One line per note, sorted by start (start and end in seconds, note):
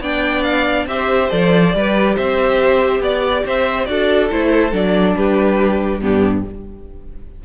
0.00 0.85 B3
0.00 0.88 D4
0.00 0.86 D5
0.00 0.43 G5
0.43 0.86 F5
0.85 1.28 C4
0.85 1.30 G4
0.85 1.76 C5
0.85 1.30 E5
1.30 1.74 F3
1.30 1.72 A4
1.30 2.16 D5
1.72 2.17 G3
1.72 3.86 G4
1.72 2.14 B4
2.14 2.99 C4
2.14 3.00 C5
2.14 3.01 E5
2.99 3.42 B3
2.99 3.45 D5
2.99 3.46 D5
3.45 3.88 C4
3.45 3.87 C5
3.45 3.85 E5
3.85 4.30 D4
3.85 4.29 F#4
3.85 5.16 A4
3.85 4.28 D5
4.30 4.72 A3
4.30 4.71 E4
4.30 4.74 C5
4.71 5.15 F#3
4.71 6.00 D4
4.71 5.16 D5
5.16 6.01 G3
5.16 6.01 G4
5.16 6.00 B4
6.00 6.44 G2
6.00 6.44 B3
6.00 6.44 D4
6.00 6.43 G4